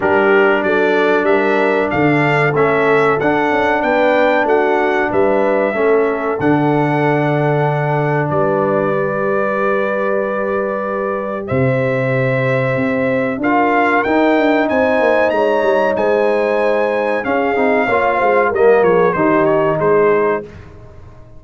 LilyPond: <<
  \new Staff \with { instrumentName = "trumpet" } { \time 4/4 \tempo 4 = 94 ais'4 d''4 e''4 f''4 | e''4 fis''4 g''4 fis''4 | e''2 fis''2~ | fis''4 d''2.~ |
d''2 e''2~ | e''4 f''4 g''4 gis''4 | ais''4 gis''2 f''4~ | f''4 dis''8 cis''8 c''8 cis''8 c''4 | }
  \new Staff \with { instrumentName = "horn" } { \time 4/4 g'4 a'4 ais'4 a'4~ | a'2 b'4 fis'4 | b'4 a'2.~ | a'4 b'2.~ |
b'2 c''2~ | c''4 ais'2 c''4 | cis''4 c''2 gis'4 | cis''8 c''8 ais'8 gis'8 g'4 gis'4 | }
  \new Staff \with { instrumentName = "trombone" } { \time 4/4 d'1 | cis'4 d'2.~ | d'4 cis'4 d'2~ | d'2 g'2~ |
g'1~ | g'4 f'4 dis'2~ | dis'2. cis'8 dis'8 | f'4 ais4 dis'2 | }
  \new Staff \with { instrumentName = "tuba" } { \time 4/4 g4 fis4 g4 d4 | a4 d'8 cis'8 b4 a4 | g4 a4 d2~ | d4 g2.~ |
g2 c2 | c'4 d'4 dis'8 d'8 c'8 ais8 | gis8 g8 gis2 cis'8 c'8 | ais8 gis8 g8 f8 dis4 gis4 | }
>>